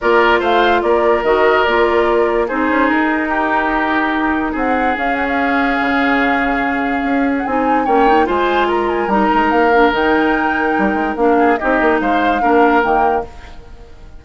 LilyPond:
<<
  \new Staff \with { instrumentName = "flute" } { \time 4/4 \tempo 4 = 145 d''4 f''4 d''4 dis''4 | d''2 c''4 ais'4~ | ais'2. fis''4 | f''8 fis''16 f''2.~ f''16~ |
f''4.~ f''16 fis''16 gis''4 g''4 | gis''4 ais''8 gis''8 ais''4 f''4 | g''2. f''4 | dis''4 f''2 g''4 | }
  \new Staff \with { instrumentName = "oboe" } { \time 4/4 ais'4 c''4 ais'2~ | ais'2 gis'2 | g'2. gis'4~ | gis'1~ |
gis'2. cis''4 | c''4 ais'2.~ | ais'2.~ ais'8 gis'8 | g'4 c''4 ais'2 | }
  \new Staff \with { instrumentName = "clarinet" } { \time 4/4 f'2. fis'4 | f'2 dis'2~ | dis'1 | cis'1~ |
cis'2 dis'4 cis'8 dis'8 | f'2 dis'4. d'8 | dis'2. d'4 | dis'2 d'4 ais4 | }
  \new Staff \with { instrumentName = "bassoon" } { \time 4/4 ais4 a4 ais4 dis4 | ais2 c'8 cis'8 dis'4~ | dis'2. c'4 | cis'2 cis2~ |
cis4 cis'4 c'4 ais4 | gis2 g8 gis8 ais4 | dis2 g8 gis8 ais4 | c'8 ais8 gis4 ais4 dis4 | }
>>